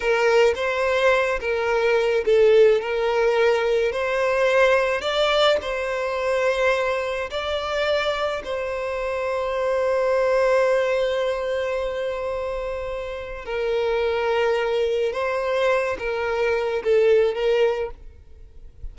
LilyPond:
\new Staff \with { instrumentName = "violin" } { \time 4/4 \tempo 4 = 107 ais'4 c''4. ais'4. | a'4 ais'2 c''4~ | c''4 d''4 c''2~ | c''4 d''2 c''4~ |
c''1~ | c''1 | ais'2. c''4~ | c''8 ais'4. a'4 ais'4 | }